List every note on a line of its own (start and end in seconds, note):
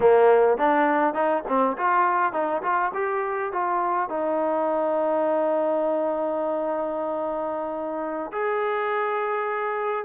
0.00 0.57 A#3
0.57 1.14 D4
1.14 1.43 D#4
1.47 1.77 C4
1.77 2.32 F4
2.32 2.62 D#4
2.62 2.92 F4
2.94 3.52 G4
3.52 4.09 F4
4.09 8.31 D#4
8.31 10.05 G#4